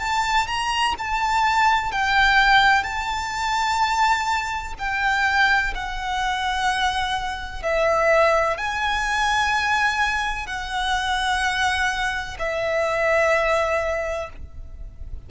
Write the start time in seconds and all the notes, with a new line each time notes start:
0.00 A5
0.48 A#5
0.99 A5
1.92 G5
2.84 A5
4.79 G5
5.75 F#5
7.63 E5
8.58 G#5
10.47 F#5
12.39 E5